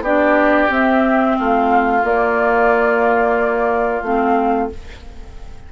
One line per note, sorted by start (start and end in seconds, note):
0.00 0.67 B3
0.00 0.69 D4
0.00 1.36 G4
0.00 0.71 D5
0.69 2.02 C4
0.69 1.36 C4
0.69 1.39 E5
1.38 2.03 A3
1.38 4.72 F4
1.38 2.05 F5
2.03 4.03 A#3
2.03 4.02 A#3
2.03 4.03 D5
4.02 4.69 A3
4.02 4.70 C4
4.02 4.69 F5